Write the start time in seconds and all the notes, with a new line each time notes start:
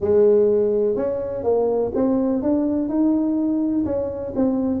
0.00 G#3
0.96 C#4
1.43 A#3
1.95 C4
2.42 D4
2.88 D#4
3.85 C#4
4.35 C4